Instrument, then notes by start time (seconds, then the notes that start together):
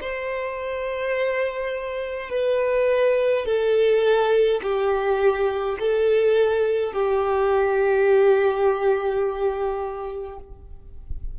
violin
0.00 C5
2.30 B4
3.45 A4
4.62 G4
5.79 A4
6.92 G4